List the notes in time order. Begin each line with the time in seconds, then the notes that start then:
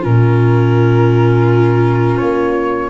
0.00 A#2 C#4 F4 A#4
2.18 A#3 C#5